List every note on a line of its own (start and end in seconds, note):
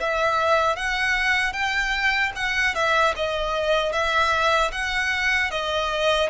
0.00 0.76 E5
0.76 1.53 F#5
1.53 2.32 G5
2.36 2.75 F#5
2.75 3.14 E5
3.16 3.93 D#5
3.93 4.72 E5
4.72 5.51 F#5
5.51 6.30 D#5